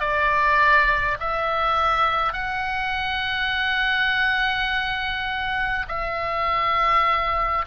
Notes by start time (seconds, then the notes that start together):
0.00 D5
1.20 E5
2.33 F#5
5.88 E5